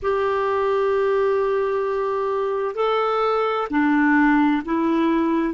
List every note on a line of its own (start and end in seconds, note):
0.02 2.75 G4
2.75 3.67 A4
3.70 4.62 D4
4.65 5.54 E4